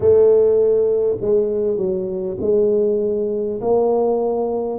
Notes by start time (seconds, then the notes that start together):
0.00 A3
1.20 G#3
1.77 F#3
2.40 G#3
3.61 A#3